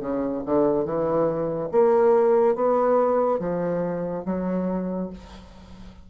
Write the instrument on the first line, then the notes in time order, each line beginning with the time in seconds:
bassoon
0.00 C#3
0.45 D3
0.85 E3
1.71 A#3
2.55 B3
3.39 F3
4.25 F#3